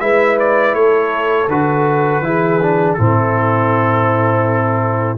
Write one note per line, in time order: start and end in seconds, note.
0.00 0.74 G#3
0.00 1.48 E4
0.00 0.76 B4
0.00 0.37 E5
0.39 0.75 D5
0.74 1.48 A3
0.74 2.24 A4
0.74 1.49 C#5
1.48 2.21 D3
1.48 2.23 F#4
1.48 2.94 B4
2.21 2.95 E3
2.21 2.60 E4
2.21 2.98 G#4
2.62 2.98 D4
2.94 5.18 A2
2.94 5.18 C4
2.94 5.18 E4
2.94 5.16 A4